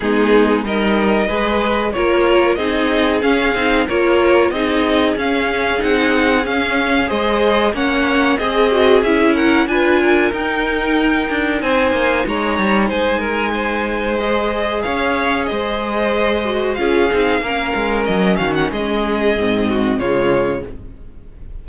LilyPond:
<<
  \new Staff \with { instrumentName = "violin" } { \time 4/4 \tempo 4 = 93 gis'4 dis''2 cis''4 | dis''4 f''4 cis''4 dis''4 | f''4 fis''4 f''4 dis''4 | fis''4 dis''4 e''8 fis''8 gis''4 |
g''2 gis''4 ais''4 | gis''2 dis''4 f''4 | dis''2 f''2 | dis''8 f''16 fis''16 dis''2 cis''4 | }
  \new Staff \with { instrumentName = "violin" } { \time 4/4 dis'4 ais'4 b'4 ais'4 | gis'2 ais'4 gis'4~ | gis'2. c''4 | cis''4 gis'4. ais'8 b'8 ais'8~ |
ais'2 c''4 cis''4 | c''8 ais'8 c''2 cis''4 | c''2 gis'4 ais'4~ | ais'8 fis'8 gis'4. fis'8 f'4 | }
  \new Staff \with { instrumentName = "viola" } { \time 4/4 b4 dis'4 gis'4 f'4 | dis'4 cis'8 dis'8 f'4 dis'4 | cis'4 dis'4 cis'4 gis'4 | cis'4 gis'8 fis'8 e'4 f'4 |
dis'1~ | dis'2 gis'2~ | gis'4. fis'8 f'8 dis'8 cis'4~ | cis'2 c'4 gis4 | }
  \new Staff \with { instrumentName = "cello" } { \time 4/4 gis4 g4 gis4 ais4 | c'4 cis'8 c'8 ais4 c'4 | cis'4 c'4 cis'4 gis4 | ais4 c'4 cis'4 d'4 |
dis'4. d'8 c'8 ais8 gis8 g8 | gis2. cis'4 | gis2 cis'8 c'8 ais8 gis8 | fis8 dis8 gis4 gis,4 cis4 | }
>>